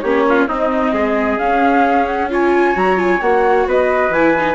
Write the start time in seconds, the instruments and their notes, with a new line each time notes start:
0.00 bassoon A#3, viola C#4, trumpet G4, flute C#5
0.29 trumpet F4
0.47 bassoon C4, viola C4, trumpet D#4, flute D#5
0.93 bassoon G#3, trumpet G#4
1.39 bassoon C#4, viola C#4, flute F5
2.06 flute F#5
2.30 viola F4, trumpet C#5, flute G#5
2.74 bassoon F#3, viola F#4, flute A#5
2.96 viola F4, flute G#5
3.21 bassoon A#3, viola F#4, flute F#5
3.66 bassoon B3, trumpet B4, flute D#5
4.09 bassoon E3, viola E4, flute G#5
4.38 viola D#4